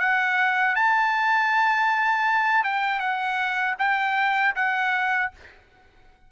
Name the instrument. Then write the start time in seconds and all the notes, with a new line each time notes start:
trumpet
0.00 F#5
0.76 A5
2.64 G5
3.00 F#5
3.79 G5
4.56 F#5